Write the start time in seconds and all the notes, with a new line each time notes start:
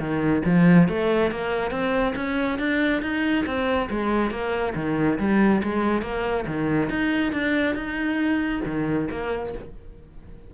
0.00 D#3
0.46 F3
0.89 A3
1.32 A#3
1.71 C4
2.16 C#4
2.59 D4
3.03 D#4
3.46 C4
3.91 G#3
4.31 A#3
4.76 D#3
5.20 G3
5.64 G#3
6.03 A#3
6.47 D#3
6.90 D#4
7.33 D4
7.76 D#4
8.66 D#3
9.11 A#3